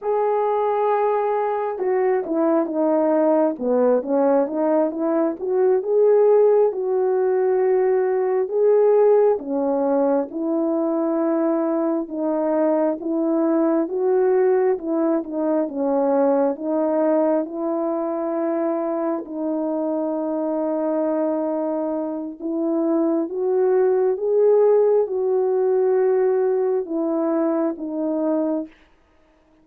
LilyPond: \new Staff \with { instrumentName = "horn" } { \time 4/4 \tempo 4 = 67 gis'2 fis'8 e'8 dis'4 | b8 cis'8 dis'8 e'8 fis'8 gis'4 fis'8~ | fis'4. gis'4 cis'4 e'8~ | e'4. dis'4 e'4 fis'8~ |
fis'8 e'8 dis'8 cis'4 dis'4 e'8~ | e'4. dis'2~ dis'8~ | dis'4 e'4 fis'4 gis'4 | fis'2 e'4 dis'4 | }